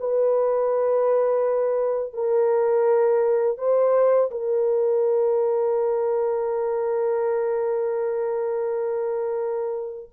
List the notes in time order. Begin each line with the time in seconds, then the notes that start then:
0.00 B4
2.14 A#4
3.58 C5
4.31 A#4